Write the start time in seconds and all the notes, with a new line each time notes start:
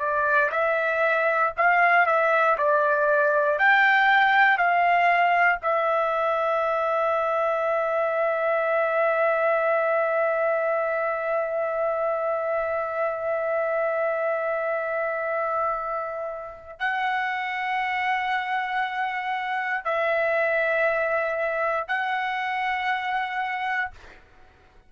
0.00 D5
0.52 E5
1.57 F5
2.07 E5
2.58 D5
3.59 G5
4.58 F5
5.63 E5
16.80 F#5
19.85 E5
21.88 F#5